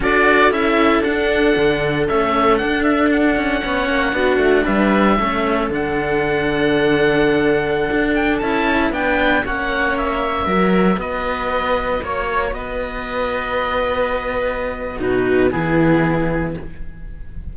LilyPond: <<
  \new Staff \with { instrumentName = "oboe" } { \time 4/4 \tempo 4 = 116 d''4 e''4 fis''2 | e''4 fis''8 e''8 fis''2~ | fis''4 e''2 fis''4~ | fis''2.~ fis''8. g''16~ |
g''16 a''4 g''4 fis''4 e''8.~ | e''4~ e''16 dis''2 cis''8.~ | cis''16 dis''2.~ dis''8.~ | dis''4 b'4 gis'2 | }
  \new Staff \with { instrumentName = "viola" } { \time 4/4 a'1~ | a'2. cis''4 | fis'4 b'4 a'2~ | a'1~ |
a'4~ a'16 b'4 cis''4.~ cis''16~ | cis''16 ais'4 b'2 cis''8.~ | cis''16 b'2.~ b'8.~ | b'4 fis'4 e'2 | }
  \new Staff \with { instrumentName = "cello" } { \time 4/4 fis'4 e'4 d'2 | cis'4 d'2 cis'4 | d'2 cis'4 d'4~ | d'1~ |
d'16 e'4 d'4 cis'4.~ cis'16~ | cis'16 fis'2.~ fis'8.~ | fis'1~ | fis'4 dis'4 b2 | }
  \new Staff \with { instrumentName = "cello" } { \time 4/4 d'4 cis'4 d'4 d4 | a4 d'4. cis'8 b8 ais8 | b8 a8 g4 a4 d4~ | d2.~ d16 d'8.~ |
d'16 cis'4 b4 ais4.~ ais16~ | ais16 fis4 b2 ais8.~ | ais16 b2.~ b8.~ | b4 b,4 e2 | }
>>